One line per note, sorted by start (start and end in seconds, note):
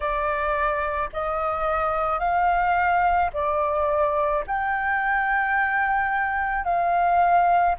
0.00 1.09 D5
1.13 2.19 D#5
2.19 3.30 F5
3.33 4.44 D5
4.46 6.64 G5
6.64 7.75 F5